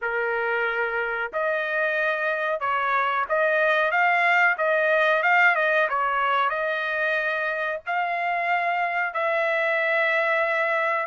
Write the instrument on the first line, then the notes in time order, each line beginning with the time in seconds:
trumpet
0.01 A#4
1.32 D#5
2.60 C#5
3.28 D#5
3.91 F5
4.57 D#5
5.23 F5
5.55 D#5
5.89 C#5
6.49 D#5
7.86 F5
9.13 E5